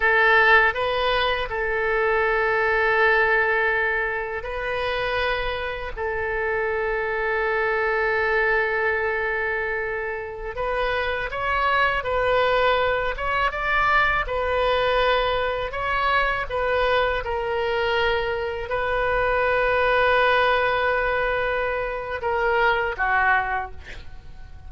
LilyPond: \new Staff \with { instrumentName = "oboe" } { \time 4/4 \tempo 4 = 81 a'4 b'4 a'2~ | a'2 b'2 | a'1~ | a'2~ a'16 b'4 cis''8.~ |
cis''16 b'4. cis''8 d''4 b'8.~ | b'4~ b'16 cis''4 b'4 ais'8.~ | ais'4~ ais'16 b'2~ b'8.~ | b'2 ais'4 fis'4 | }